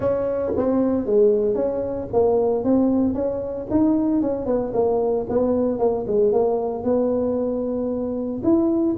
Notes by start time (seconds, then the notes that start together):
0.00 C#4
0.56 C4
1.06 G#3
1.54 C#4
2.12 A#3
2.63 C4
3.14 C#4
3.70 D#4
4.21 C#4
4.46 B3
4.73 A#3
5.29 B3
5.78 A#3
6.07 G#3
6.32 A#3
6.83 B3
8.43 E4